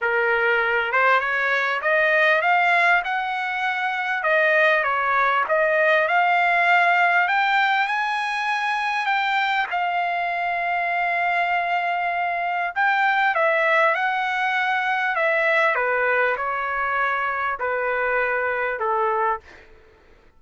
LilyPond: \new Staff \with { instrumentName = "trumpet" } { \time 4/4 \tempo 4 = 99 ais'4. c''8 cis''4 dis''4 | f''4 fis''2 dis''4 | cis''4 dis''4 f''2 | g''4 gis''2 g''4 |
f''1~ | f''4 g''4 e''4 fis''4~ | fis''4 e''4 b'4 cis''4~ | cis''4 b'2 a'4 | }